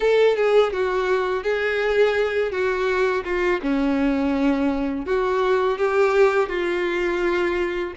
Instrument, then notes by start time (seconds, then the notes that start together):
violin
0.00 A4
0.36 G#4
0.73 F#4
1.43 G#4
2.51 F#4
3.24 F4
3.62 C#4
5.05 F#4
5.78 G4
6.48 F4